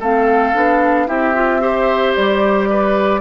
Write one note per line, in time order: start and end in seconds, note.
0.00 0.54 A3
0.00 0.54 C4
0.00 1.07 A4
0.00 1.08 F5
0.54 1.09 B3
0.54 1.07 D4
1.07 2.16 C4
1.07 1.33 E4
1.07 1.62 G4
1.07 2.15 E5
1.35 1.61 F4
1.61 3.21 G4
1.61 2.69 C5
2.16 3.21 G3
2.16 3.21 D5
2.70 3.21 B4